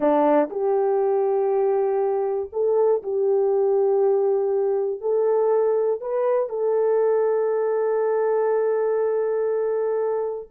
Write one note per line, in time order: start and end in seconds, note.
0.00 0.49 D4
0.50 2.50 G4
2.52 3.02 A4
3.02 5.00 G4
5.00 6.00 A4
6.00 6.49 B4
6.49 10.49 A4